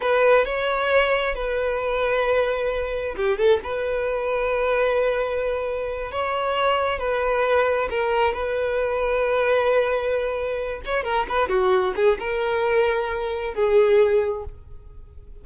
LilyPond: \new Staff \with { instrumentName = "violin" } { \time 4/4 \tempo 4 = 133 b'4 cis''2 b'4~ | b'2. g'8 a'8 | b'1~ | b'4. cis''2 b'8~ |
b'4. ais'4 b'4.~ | b'1 | cis''8 ais'8 b'8 fis'4 gis'8 ais'4~ | ais'2 gis'2 | }